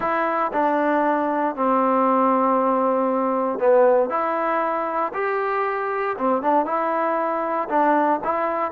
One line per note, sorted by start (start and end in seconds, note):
0.00 0.51 E4
0.53 1.55 D4
1.55 3.59 C4
3.59 4.09 B3
4.09 5.12 E4
5.13 6.16 G4
6.17 6.41 C4
6.41 6.65 D4
6.65 7.68 E4
7.69 8.20 D4
8.24 8.71 E4